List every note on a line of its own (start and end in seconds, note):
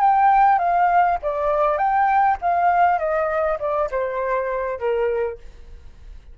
0.00 0.59 G5
0.59 1.18 F5
1.22 1.78 D5
1.78 2.37 G5
2.41 2.99 F5
2.99 3.58 D#5
3.59 3.89 D5
3.91 4.79 C5
4.79 5.38 A#4